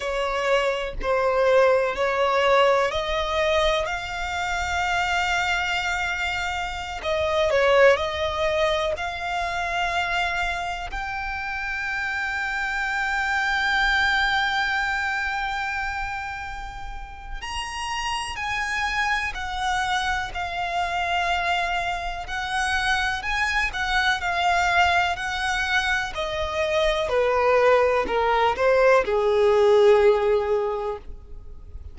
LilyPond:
\new Staff \with { instrumentName = "violin" } { \time 4/4 \tempo 4 = 62 cis''4 c''4 cis''4 dis''4 | f''2.~ f''16 dis''8 cis''16~ | cis''16 dis''4 f''2 g''8.~ | g''1~ |
g''2 ais''4 gis''4 | fis''4 f''2 fis''4 | gis''8 fis''8 f''4 fis''4 dis''4 | b'4 ais'8 c''8 gis'2 | }